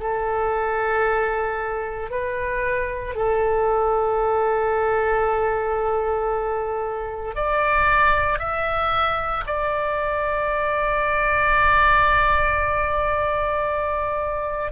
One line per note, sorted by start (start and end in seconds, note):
0.00 2.10 A4
2.10 3.15 B4
3.15 7.35 A4
7.35 8.39 D5
8.39 9.44 E5
9.46 14.72 D5